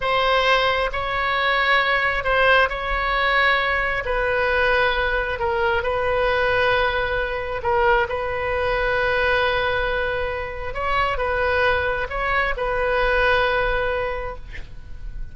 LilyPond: \new Staff \with { instrumentName = "oboe" } { \time 4/4 \tempo 4 = 134 c''2 cis''2~ | cis''4 c''4 cis''2~ | cis''4 b'2. | ais'4 b'2.~ |
b'4 ais'4 b'2~ | b'1 | cis''4 b'2 cis''4 | b'1 | }